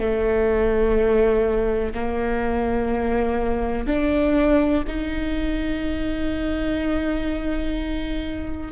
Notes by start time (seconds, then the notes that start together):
0.00 A3
1.94 A#3
3.87 D4
4.87 D#4